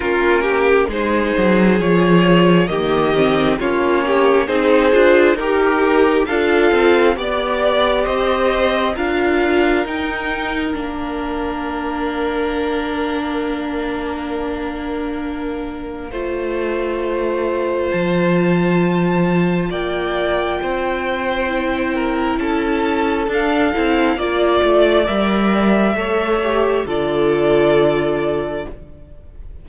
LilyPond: <<
  \new Staff \with { instrumentName = "violin" } { \time 4/4 \tempo 4 = 67 ais'4 c''4 cis''4 dis''4 | cis''4 c''4 ais'4 f''4 | d''4 dis''4 f''4 g''4 | f''1~ |
f''1 | a''2 g''2~ | g''4 a''4 f''4 d''4 | e''2 d''2 | }
  \new Staff \with { instrumentName = "violin" } { \time 4/4 f'8 g'8 gis'2 g'4 | f'8 g'8 gis'4 g'4 a'4 | d''4 c''4 ais'2~ | ais'1~ |
ais'2 c''2~ | c''2 d''4 c''4~ | c''8 ais'8 a'2 d''4~ | d''4 cis''4 a'2 | }
  \new Staff \with { instrumentName = "viola" } { \time 4/4 cis'4 dis'4 f'4 ais8 c'8 | cis'4 dis'8 f'8 g'4 f'4 | g'2 f'4 dis'4 | d'1~ |
d'2 f'2~ | f'1 | e'2 d'8 e'8 f'4 | ais'4 a'8 g'8 f'2 | }
  \new Staff \with { instrumentName = "cello" } { \time 4/4 ais4 gis8 fis8 f4 dis4 | ais4 c'8 d'8 dis'4 d'8 c'8 | b4 c'4 d'4 dis'4 | ais1~ |
ais2 a2 | f2 ais4 c'4~ | c'4 cis'4 d'8 c'8 ais8 a8 | g4 a4 d2 | }
>>